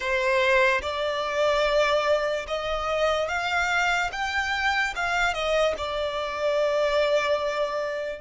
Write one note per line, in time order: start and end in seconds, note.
0.00 0.81 C5
0.81 2.45 D5
2.47 3.28 D#5
3.28 4.10 F5
4.11 4.94 G5
4.95 5.33 F5
5.33 5.74 D#5
5.77 8.21 D5